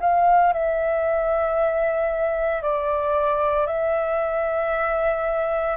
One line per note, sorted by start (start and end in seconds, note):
0.00 0.53 F5
0.53 2.62 E5
2.62 3.67 D5
3.67 5.77 E5